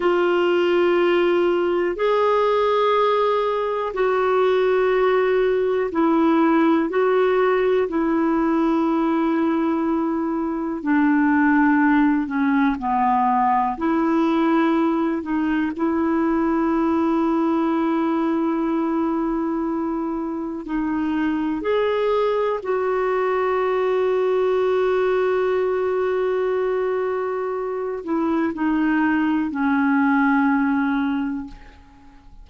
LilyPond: \new Staff \with { instrumentName = "clarinet" } { \time 4/4 \tempo 4 = 61 f'2 gis'2 | fis'2 e'4 fis'4 | e'2. d'4~ | d'8 cis'8 b4 e'4. dis'8 |
e'1~ | e'4 dis'4 gis'4 fis'4~ | fis'1~ | fis'8 e'8 dis'4 cis'2 | }